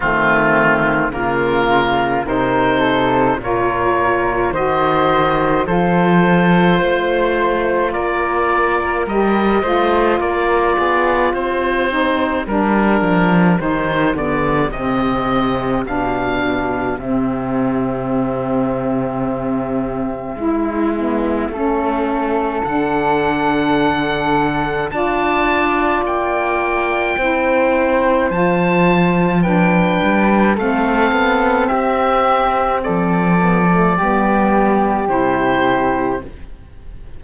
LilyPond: <<
  \new Staff \with { instrumentName = "oboe" } { \time 4/4 \tempo 4 = 53 f'4 ais'4 c''4 cis''4 | dis''4 c''2 d''4 | dis''4 d''4 c''4 ais'4 | c''8 d''8 dis''4 f''4 e''4~ |
e''1 | fis''2 a''4 g''4~ | g''4 a''4 g''4 f''4 | e''4 d''2 c''4 | }
  \new Staff \with { instrumentName = "flute" } { \time 4/4 c'4 f'4 ais'8 a'8 ais'4 | c''4 a'4 c''4 ais'4~ | ais'8 c''8 ais'8 gis'8 g'2~ | g'1~ |
g'2 e'4 a'4~ | a'2 d''2 | c''2 b'4 a'4 | g'4 a'4 g'2 | }
  \new Staff \with { instrumentName = "saxophone" } { \time 4/4 a4 ais4 dis'4 f'4 | fis'4 f'2. | g'8 f'2 dis'8 d'4 | dis'8 b8 c'4 d'4 c'4~ |
c'2 e'8 b8 cis'4 | d'2 f'2 | e'4 f'4 d'4 c'4~ | c'4. b16 a16 b4 e'4 | }
  \new Staff \with { instrumentName = "cello" } { \time 4/4 dis4 cis4 c4 ais,4 | dis4 f4 a4 ais4 | g8 a8 ais8 b8 c'4 g8 f8 | dis8 d8 c4 b,4 c4~ |
c2 gis4 a4 | d2 d'4 ais4 | c'4 f4. g8 a8 b8 | c'4 f4 g4 c4 | }
>>